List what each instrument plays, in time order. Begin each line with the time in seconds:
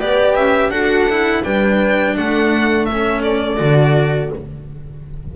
0.00 double bass B3, cello G4, horn B4, violin D5
0.35 double bass C#4, violin E5
0.69 double bass D4, cello F#4, horn A4, violin F#5
1.10 cello E4
1.44 double bass G3, cello D4, horn B4, violin G5
2.17 double bass A3, horn A4, violin F#5
2.86 violin E5
2.92 cello C#4
3.23 violin D5
3.58 double bass D3, cello F#4